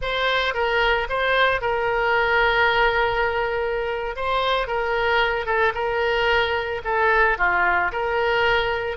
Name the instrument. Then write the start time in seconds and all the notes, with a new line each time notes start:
oboe
0.01 C5
0.54 A#4
1.09 C5
1.61 A#4
4.16 C5
4.67 A#4
5.46 A4
5.74 A#4
6.84 A4
7.38 F4
7.92 A#4